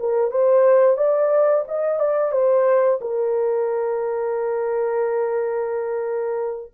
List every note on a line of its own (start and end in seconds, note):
0.00 0.32 A#4
0.32 0.97 C5
0.97 1.65 D5
1.68 1.99 D#5
1.99 2.32 D5
2.32 3.00 C5
3.02 6.72 A#4